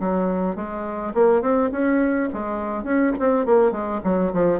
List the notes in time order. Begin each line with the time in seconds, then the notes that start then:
0.00 F#3
0.56 G#3
1.14 A#3
1.42 C4
1.72 C#4
2.33 G#3
2.84 C#4
3.19 C4
3.45 A#3
3.72 G#3
4.04 F#3
4.33 F3